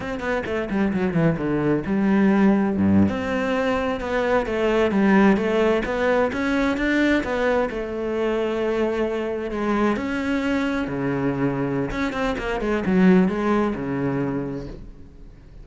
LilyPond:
\new Staff \with { instrumentName = "cello" } { \time 4/4 \tempo 4 = 131 c'8 b8 a8 g8 fis8 e8 d4 | g2 g,8. c'4~ c'16~ | c'8. b4 a4 g4 a16~ | a8. b4 cis'4 d'4 b16~ |
b8. a2.~ a16~ | a8. gis4 cis'2 cis16~ | cis2 cis'8 c'8 ais8 gis8 | fis4 gis4 cis2 | }